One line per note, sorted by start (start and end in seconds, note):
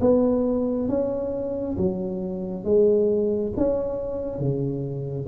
0.00 0.88 B3
0.88 1.76 C#4
1.77 2.64 F#3
2.64 3.52 G#3
3.57 4.39 C#4
4.39 5.27 C#3